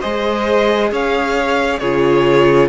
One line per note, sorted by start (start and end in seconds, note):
0.00 0.91 G#3
0.00 1.81 G#4
0.00 0.90 C5
0.00 0.90 D#5
0.91 1.81 C#4
0.91 1.80 C#5
0.91 1.78 F5
1.78 2.68 C#3
1.78 2.68 F4
1.78 2.68 G#4
1.78 2.68 C#5